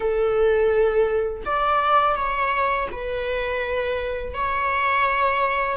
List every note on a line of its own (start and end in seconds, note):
0.00 1.42 A4
1.45 2.15 D5
2.15 2.88 C#5
2.91 4.33 B4
4.33 5.76 C#5